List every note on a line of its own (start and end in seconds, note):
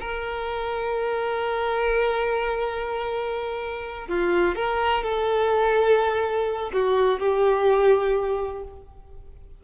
0.00 4.08 A#4
4.08 4.55 F4
4.55 5.03 A#4
5.03 6.71 A4
6.73 7.19 F#4
7.19 8.63 G4